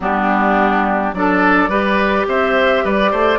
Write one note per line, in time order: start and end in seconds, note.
0.00 1.13 G3
0.00 1.14 B3
0.00 1.14 D4
0.00 1.13 G4
1.13 1.67 F#3
1.13 1.69 D4
1.13 1.69 A4
1.13 2.27 D5
1.67 2.24 G3
1.67 3.38 G4
1.67 2.26 B4
2.27 2.84 C4
2.27 2.84 C5
2.27 2.85 E5
2.84 3.12 G3
2.84 3.11 B4
2.84 3.38 D5
3.11 3.38 A3
3.11 3.38 C5